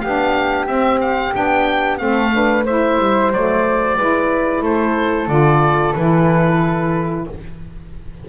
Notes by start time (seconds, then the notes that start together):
0.00 B3 D4 G4 F5
0.67 C4 E5
1.01 F5
1.33 B3 D4 G5
1.98 A3 C4 A4 F5
2.32 D4 B4
2.65 E4 C5 E5
2.98 G3
3.31 F#3 A3 D5
3.97 G#3 E4 B4
4.62 A3 A4 C5
5.27 D3 F4 D5
5.94 E3 E4 B4